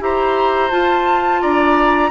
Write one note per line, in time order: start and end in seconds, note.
0.00 0.71 E4
0.00 0.70 G4
0.00 1.41 C5
0.00 0.72 A#5
0.70 2.11 F4
0.70 1.42 F4
0.70 1.42 A5
1.41 2.11 D4
1.41 2.11 D5
1.41 2.11 A#5